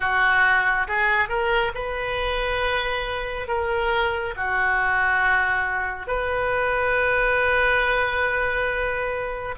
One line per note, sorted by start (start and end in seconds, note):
0.00 0.87 F#4
0.87 1.28 G#4
1.28 1.72 A#4
1.74 3.47 B4
3.47 4.34 A#4
4.36 6.07 F#4
6.07 9.55 B4